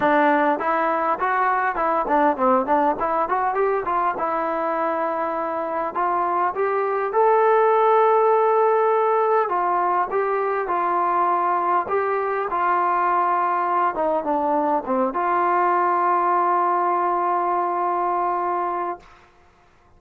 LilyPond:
\new Staff \with { instrumentName = "trombone" } { \time 4/4 \tempo 4 = 101 d'4 e'4 fis'4 e'8 d'8 | c'8 d'8 e'8 fis'8 g'8 f'8 e'4~ | e'2 f'4 g'4 | a'1 |
f'4 g'4 f'2 | g'4 f'2~ f'8 dis'8 | d'4 c'8 f'2~ f'8~ | f'1 | }